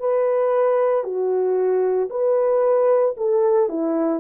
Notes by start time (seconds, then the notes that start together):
0.00 B4
1.04 F#4
2.10 B4
3.17 A4
3.69 E4